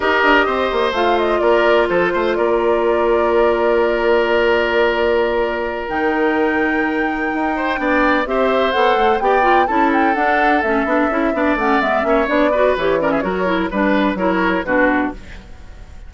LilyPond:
<<
  \new Staff \with { instrumentName = "flute" } { \time 4/4 \tempo 4 = 127 dis''2 f''8 dis''8 d''4 | c''4 d''2.~ | d''1~ | d''8 g''2.~ g''8~ |
g''4. e''4 fis''4 g''8~ | g''8 a''8 g''8 fis''4 e''4.~ | e''8 fis''8 e''4 d''4 cis''8 d''16 e''16 | cis''4 b'4 cis''4 b'4 | }
  \new Staff \with { instrumentName = "oboe" } { \time 4/4 ais'4 c''2 ais'4 | a'8 c''8 ais'2.~ | ais'1~ | ais'1 |
c''8 d''4 c''2 d''8~ | d''8 a'2.~ a'8 | d''4. cis''4 b'4 ais'16 gis'16 | ais'4 b'4 ais'4 fis'4 | }
  \new Staff \with { instrumentName = "clarinet" } { \time 4/4 g'2 f'2~ | f'1~ | f'1~ | f'8 dis'2.~ dis'8~ |
dis'8 d'4 g'4 a'4 g'8 | f'8 e'4 d'4 cis'8 d'8 e'8 | d'8 cis'8 b8 cis'8 d'8 fis'8 g'8 cis'8 | fis'8 e'8 d'4 e'4 d'4 | }
  \new Staff \with { instrumentName = "bassoon" } { \time 4/4 dis'8 d'8 c'8 ais8 a4 ais4 | f8 a8 ais2.~ | ais1~ | ais8 dis2. dis'8~ |
dis'8 b4 c'4 b8 a8 b8~ | b8 cis'4 d'4 a8 b8 cis'8 | b8 a8 gis8 ais8 b4 e4 | fis4 g4 fis4 b,4 | }
>>